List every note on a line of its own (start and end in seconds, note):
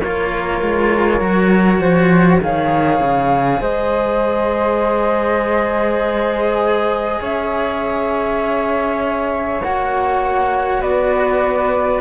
0.00 0.61 A#3
0.00 1.20 F4
0.00 1.80 A#4
0.00 2.40 C#5
0.61 1.20 G#3
1.20 1.79 F#3
1.20 2.40 F#4
1.79 2.40 F3
1.79 2.40 C5
2.41 3.00 D#3
2.41 9.61 G#4
2.41 3.61 C#5
2.41 3.62 F5
3.00 3.60 C#3
3.60 7.21 G#3
3.60 7.21 C5
3.60 7.22 D#5
7.21 9.61 C#4
7.21 10.81 C#5
7.21 9.62 E5
9.62 10.81 A#3
9.62 12.01 F#4
9.62 10.82 F#5
10.81 12.01 B3
10.81 12.01 B4
10.81 12.01 D5